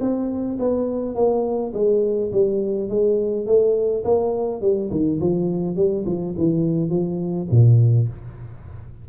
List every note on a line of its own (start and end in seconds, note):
0.00 0.58 C4
0.59 1.15 B3
1.15 1.73 A#3
1.73 2.31 G#3
2.32 2.89 G3
2.89 3.46 G#3
3.46 4.04 A3
4.04 4.61 A#3
4.61 4.90 G3
4.91 5.19 D#3
5.20 5.76 F3
5.76 6.04 G3
6.06 6.34 F3
6.37 6.89 E3
6.89 7.47 F3
7.51 8.08 A#2